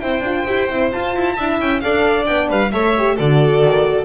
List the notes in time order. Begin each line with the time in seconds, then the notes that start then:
0.00 C4 E4 C5 G5
0.20 D4 F4
0.47 E4 G4
0.70 C4 E4
0.92 F4 A5
1.16 E4
1.35 D4 E4 E5
1.61 C#4 G5
1.80 D4 A4 D5 F5
2.25 B3 D4 G5
2.49 G3 B4 F5
2.72 A3 A4 C#5 E5
2.98 G4
3.16 D3 F#4 A4 D5
3.63 D#3